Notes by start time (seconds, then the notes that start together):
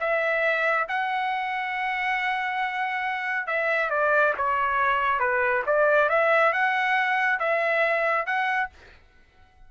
0.00 E5
0.88 F#5
3.47 E5
3.90 D5
4.37 C#5
5.19 B4
5.66 D5
6.09 E5
6.53 F#5
7.39 E5
8.26 F#5